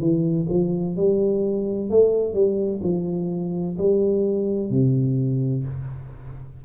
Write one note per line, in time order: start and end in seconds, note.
0.00 0.47 E3
0.49 0.96 F3
0.97 1.90 G3
1.90 2.34 A3
2.34 2.81 G3
2.83 3.77 F3
3.78 4.70 G3
4.70 5.64 C3